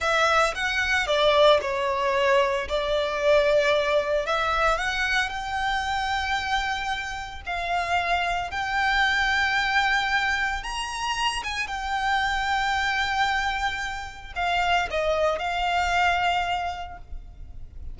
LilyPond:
\new Staff \with { instrumentName = "violin" } { \time 4/4 \tempo 4 = 113 e''4 fis''4 d''4 cis''4~ | cis''4 d''2. | e''4 fis''4 g''2~ | g''2 f''2 |
g''1 | ais''4. gis''8 g''2~ | g''2. f''4 | dis''4 f''2. | }